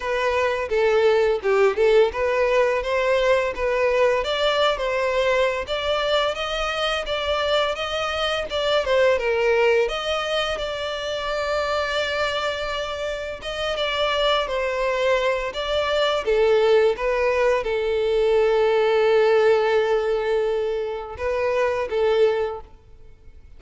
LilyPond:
\new Staff \with { instrumentName = "violin" } { \time 4/4 \tempo 4 = 85 b'4 a'4 g'8 a'8 b'4 | c''4 b'4 d''8. c''4~ c''16 | d''4 dis''4 d''4 dis''4 | d''8 c''8 ais'4 dis''4 d''4~ |
d''2. dis''8 d''8~ | d''8 c''4. d''4 a'4 | b'4 a'2.~ | a'2 b'4 a'4 | }